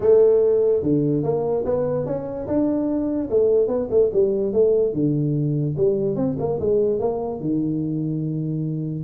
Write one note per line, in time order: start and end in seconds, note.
0.00 0.82 A3
0.82 1.23 D3
1.23 1.64 A#3
1.65 2.05 B3
2.05 2.47 C#4
2.47 3.29 D4
3.30 3.67 A3
3.67 3.88 B3
3.90 4.11 A3
4.13 4.52 G3
4.52 4.93 A3
4.93 5.75 D3
5.77 6.16 G3
6.16 6.36 C4
6.38 6.59 A#3
6.60 6.99 G#3
6.99 7.40 A#3
7.40 9.04 D#3